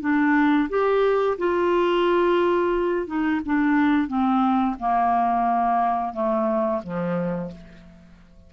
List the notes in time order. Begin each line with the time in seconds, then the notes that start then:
0.00 D4
0.69 G4
1.38 F4
3.06 D#4
3.45 D4
4.07 C4
4.79 A#3
6.13 A3
6.83 F3